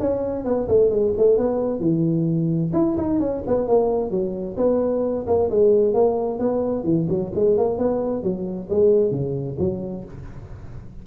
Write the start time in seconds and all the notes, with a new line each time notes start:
0.00 C#4
0.45 B3
0.68 A3
0.90 G#3
1.17 A3
1.38 B3
1.80 E3
2.73 E4
2.97 D#4
3.20 C#4
3.47 B3
3.67 A#3
4.11 F#3
4.57 B3
5.27 A#3
5.50 G#3
5.94 A#3
6.39 B3
6.84 E3
7.09 F#3
7.35 G#3
7.57 A#3
7.78 B3
8.23 F#3
8.70 G#3
9.11 C#3
9.59 F#3